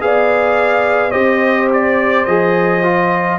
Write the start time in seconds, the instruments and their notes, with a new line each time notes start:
0.00 tuba B3, trombone G#4, horn D5, trumpet F5
1.10 tuba C4, trombone G4, horn C5, trumpet D#5
1.73 trumpet D5
2.25 tuba F3, trombone G#4, trumpet D#5
2.83 trombone F4